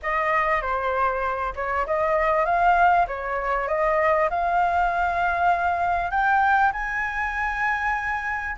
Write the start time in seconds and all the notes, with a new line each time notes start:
0.02 D#5
0.61 C5
1.55 C#5
1.86 D#5
2.45 F5
3.07 C#5
3.67 D#5
4.30 F5
6.10 G5
6.72 G#5